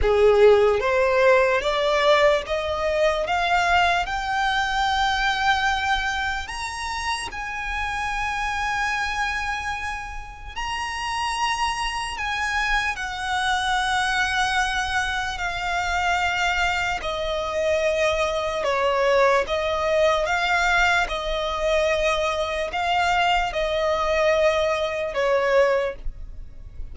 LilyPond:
\new Staff \with { instrumentName = "violin" } { \time 4/4 \tempo 4 = 74 gis'4 c''4 d''4 dis''4 | f''4 g''2. | ais''4 gis''2.~ | gis''4 ais''2 gis''4 |
fis''2. f''4~ | f''4 dis''2 cis''4 | dis''4 f''4 dis''2 | f''4 dis''2 cis''4 | }